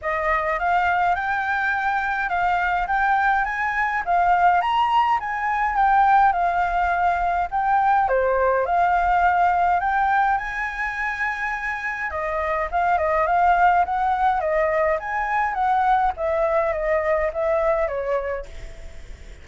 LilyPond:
\new Staff \with { instrumentName = "flute" } { \time 4/4 \tempo 4 = 104 dis''4 f''4 g''2 | f''4 g''4 gis''4 f''4 | ais''4 gis''4 g''4 f''4~ | f''4 g''4 c''4 f''4~ |
f''4 g''4 gis''2~ | gis''4 dis''4 f''8 dis''8 f''4 | fis''4 dis''4 gis''4 fis''4 | e''4 dis''4 e''4 cis''4 | }